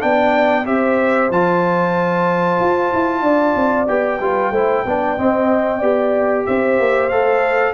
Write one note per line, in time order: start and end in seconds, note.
0.00 0.66 B3
0.00 0.65 D4
0.00 0.66 D5
0.00 0.66 G5
0.65 1.31 C4
0.65 1.29 G4
0.65 3.23 C5
0.65 1.31 E5
1.31 2.60 F3
1.31 3.87 F4
1.31 3.88 A5
2.60 2.92 F4
2.93 3.22 E4
3.22 3.54 D4
3.22 4.20 D5
3.56 3.88 C4
3.87 4.21 B3
3.87 4.20 G4
3.87 6.46 G5
4.21 4.51 G3
4.21 4.53 F4
4.21 4.52 B4
4.51 4.84 A3
4.51 4.86 E4
4.51 4.85 C5
4.86 5.18 B3
4.86 5.18 D4
4.86 5.19 D5
5.18 5.82 C4
5.18 5.79 D#5
5.79 6.47 B3
5.79 7.11 G4
5.79 6.44 D5
6.46 6.79 C4
6.46 7.75 C5
6.46 7.09 E5
6.79 7.11 A#3
7.09 7.75 A3
7.09 7.75 A4
7.09 7.74 F5